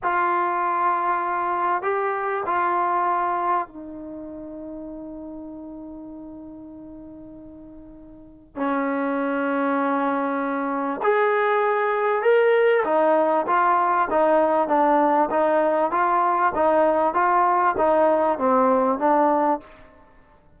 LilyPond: \new Staff \with { instrumentName = "trombone" } { \time 4/4 \tempo 4 = 98 f'2. g'4 | f'2 dis'2~ | dis'1~ | dis'2 cis'2~ |
cis'2 gis'2 | ais'4 dis'4 f'4 dis'4 | d'4 dis'4 f'4 dis'4 | f'4 dis'4 c'4 d'4 | }